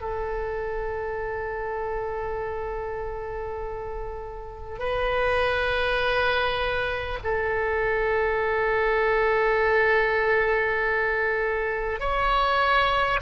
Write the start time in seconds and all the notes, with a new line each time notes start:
0.00 A4
4.78 B4
7.24 A4
11.99 C#5